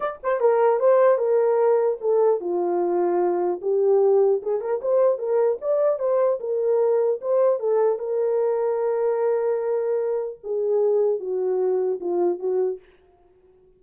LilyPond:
\new Staff \with { instrumentName = "horn" } { \time 4/4 \tempo 4 = 150 d''8 c''8 ais'4 c''4 ais'4~ | ais'4 a'4 f'2~ | f'4 g'2 gis'8 ais'8 | c''4 ais'4 d''4 c''4 |
ais'2 c''4 a'4 | ais'1~ | ais'2 gis'2 | fis'2 f'4 fis'4 | }